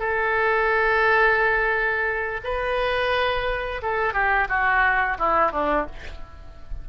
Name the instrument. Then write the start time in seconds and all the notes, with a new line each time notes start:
oboe
0.00 A4
2.44 B4
3.83 A4
4.14 G4
4.49 F#4
5.19 E4
5.52 D4